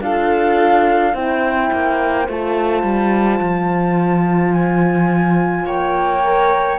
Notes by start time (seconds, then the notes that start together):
0.00 D4 F4 A4 F5
1.13 C4 E4 C5 G5
1.72 A#3
2.28 A3 F4 A5
2.83 G3
3.39 F3
4.52 G#5
5.65 A#3 C#5 G5
6.23 A#4